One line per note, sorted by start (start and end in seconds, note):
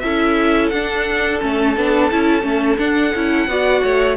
0.00 0.72 C#4
0.00 0.72 E4
0.00 3.50 A4
0.00 0.69 E5
0.70 1.42 D4
0.70 1.41 D4
0.70 1.39 F#5
1.41 1.77 A3
1.41 1.76 C#4
1.41 2.78 A5
1.77 2.11 B3
1.77 2.12 D4
2.12 2.44 C#4
2.12 2.42 E4
2.42 2.78 A3
2.42 2.77 C#4
2.78 3.13 D4
2.78 3.14 D4
2.78 4.16 F#5
3.15 3.48 C#4
3.15 3.49 E4
3.48 3.82 B3
3.48 4.17 F#4
3.48 3.84 D5
3.84 4.17 A3
3.84 4.17 C#5